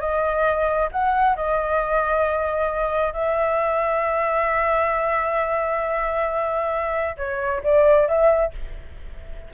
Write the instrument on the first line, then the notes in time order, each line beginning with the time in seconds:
flute
0.00 D#5
0.92 F#5
1.36 D#5
3.13 E5
7.17 C#5
7.64 D5
8.08 E5